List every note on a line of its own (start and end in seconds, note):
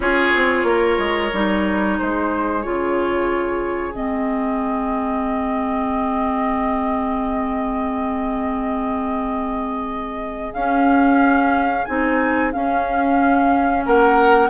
0.00 0.31 C#4
0.00 1.31 F4
0.00 0.67 G#4
0.00 1.98 C#5
0.35 0.63 C4
0.63 0.96 A#3
0.63 1.98 A#4
0.98 1.31 G#3
1.32 1.98 G3
1.32 2.62 D#4
1.98 2.65 G#3
1.98 13.85 G#4
1.98 2.62 C5
2.62 3.95 C#3
2.62 3.93 F4
2.62 3.93 C#5
3.93 10.54 G#3
3.93 10.52 C4
3.93 10.53 D#5
10.53 11.85 C#4
10.53 11.87 C#4
10.53 11.85 F5
11.85 12.54 C4
11.85 12.52 D#4
11.85 12.51 G#5
12.52 14.49 C#4
12.52 13.86 C#4
12.52 13.84 F5
13.85 14.49 A#3
13.85 14.49 A#4
13.85 14.49 F#5